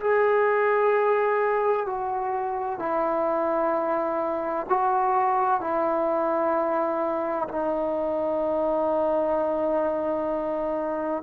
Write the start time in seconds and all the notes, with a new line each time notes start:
0.00 G#4
1.86 F#4
2.79 E4
4.69 F#4
5.60 E4
7.48 D#4